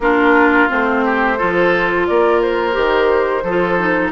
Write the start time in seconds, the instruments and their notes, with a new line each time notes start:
0.00 bassoon A#3, clarinet D4, oboe F4, flute A#4
0.69 bassoon A3, clarinet C4, flute C5
1.04 oboe G4
1.37 bassoon F3, clarinet F4, oboe A4
2.06 bassoon A#3, oboe A#4, flute D5
2.41 flute C5
2.72 bassoon D#3, clarinet G4
3.43 bassoon F3, clarinet F4, oboe A4
3.78 clarinet D#4